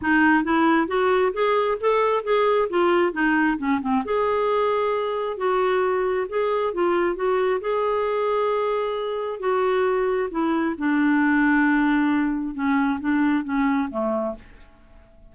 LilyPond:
\new Staff \with { instrumentName = "clarinet" } { \time 4/4 \tempo 4 = 134 dis'4 e'4 fis'4 gis'4 | a'4 gis'4 f'4 dis'4 | cis'8 c'8 gis'2. | fis'2 gis'4 f'4 |
fis'4 gis'2.~ | gis'4 fis'2 e'4 | d'1 | cis'4 d'4 cis'4 a4 | }